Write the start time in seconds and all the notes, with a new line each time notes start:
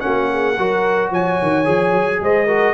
0.00 A#3 C#4 F#4 F#5
0.31 G#4
0.57 F#3 F#4 A#4
1.10 F3 C#5 G#5
1.42 D#3
1.65 F3 G#4
1.92 F#3
2.20 G#3 C5 D#5
2.46 F#4 A#4